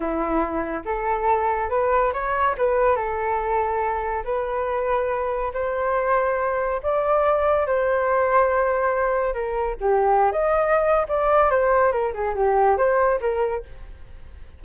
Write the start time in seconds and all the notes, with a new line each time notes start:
0.00 E4
0.85 A4
1.69 B4
2.13 C#5
2.57 B4
2.96 A4
4.24 B4
5.53 C5
6.82 D5
7.66 C5
9.33 A#4
9.80 G4
10.32 D#5
11.08 D5
11.50 C5
11.92 A#4
12.13 G#4
12.35 G4
12.77 C5
13.20 A#4